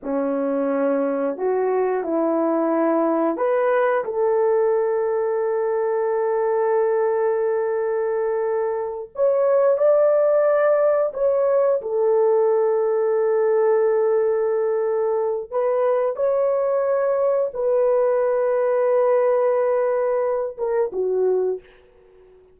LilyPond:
\new Staff \with { instrumentName = "horn" } { \time 4/4 \tempo 4 = 89 cis'2 fis'4 e'4~ | e'4 b'4 a'2~ | a'1~ | a'4. cis''4 d''4.~ |
d''8 cis''4 a'2~ a'8~ | a'2. b'4 | cis''2 b'2~ | b'2~ b'8 ais'8 fis'4 | }